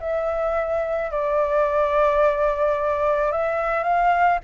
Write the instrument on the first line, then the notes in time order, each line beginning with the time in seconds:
flute
0.00 E5
1.11 D5
3.32 E5
3.84 F5